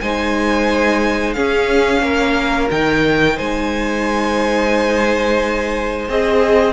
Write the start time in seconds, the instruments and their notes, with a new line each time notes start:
0.00 cello G#3, viola D#4, violin C5 G#5
1.33 viola C#4, cello C#4, violin G#4 F5
2.02 cello A#3, violin A#4
2.71 cello D#3, viola D#4, violin G5
3.36 cello G#3, violin C5 G#5
6.08 cello C4, viola G#4, violin D#5